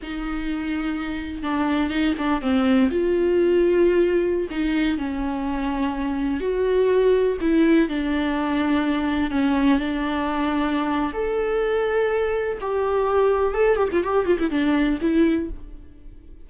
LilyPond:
\new Staff \with { instrumentName = "viola" } { \time 4/4 \tempo 4 = 124 dis'2. d'4 | dis'8 d'8 c'4 f'2~ | f'4~ f'16 dis'4 cis'4.~ cis'16~ | cis'4~ cis'16 fis'2 e'8.~ |
e'16 d'2. cis'8.~ | cis'16 d'2~ d'8. a'4~ | a'2 g'2 | a'8 g'16 f'16 g'8 f'16 e'16 d'4 e'4 | }